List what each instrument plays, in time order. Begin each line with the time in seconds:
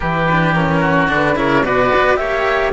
0.00 cello E3 E4, oboe G4, flute B4
0.30 cello D4
0.54 cello C#4, flute A#4
0.80 oboe F#4
1.08 cello D3 D4, flute B4
1.35 cello C#3 E4, oboe A#4, flute C#5
1.63 cello B2 F#4, oboe B4, flute D5
1.95 cello B3
2.16 cello A#3 G4, oboe C#5, flute E5